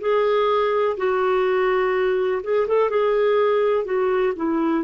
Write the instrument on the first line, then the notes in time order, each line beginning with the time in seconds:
clarinet
0.00 G#4
0.97 F#4
2.43 G#4
2.67 A4
2.90 G#4
3.85 F#4
4.36 E4